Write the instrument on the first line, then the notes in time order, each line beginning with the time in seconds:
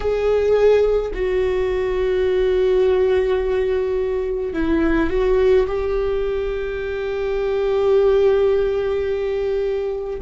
viola
0.00 G#4
1.14 F#4
4.53 E4
5.09 F#4
5.66 G4